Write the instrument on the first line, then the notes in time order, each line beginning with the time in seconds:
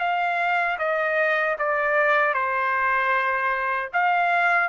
trumpet
0.00 F5
0.79 D#5
1.59 D5
2.34 C5
3.93 F5